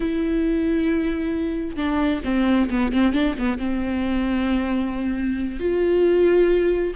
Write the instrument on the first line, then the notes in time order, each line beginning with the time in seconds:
viola
0.00 E4
1.76 D4
2.24 C4
2.70 B3
2.92 C4
3.12 D4
3.38 B3
3.58 C4
5.59 F4